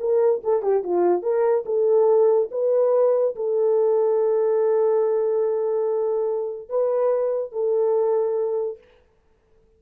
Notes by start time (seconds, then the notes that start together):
0.00 A#4
0.44 A4
0.62 G4
0.84 F4
1.22 A#4
1.65 A4
2.51 B4
3.36 A4
6.69 B4
7.52 A4